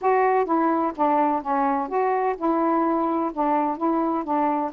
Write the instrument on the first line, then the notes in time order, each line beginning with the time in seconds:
saxophone
0.01 F#4
0.45 E4
0.96 D4
1.42 C#4
1.88 F#4
2.37 E4
3.33 D4
3.77 E4
4.24 D4